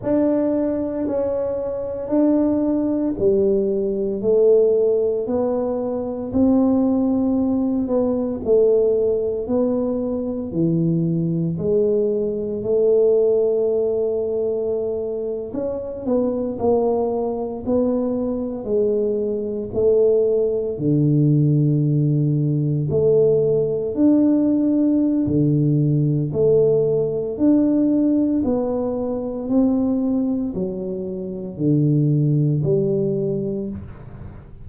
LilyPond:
\new Staff \with { instrumentName = "tuba" } { \time 4/4 \tempo 4 = 57 d'4 cis'4 d'4 g4 | a4 b4 c'4. b8 | a4 b4 e4 gis4 | a2~ a8. cis'8 b8 ais16~ |
ais8. b4 gis4 a4 d16~ | d4.~ d16 a4 d'4~ d'16 | d4 a4 d'4 b4 | c'4 fis4 d4 g4 | }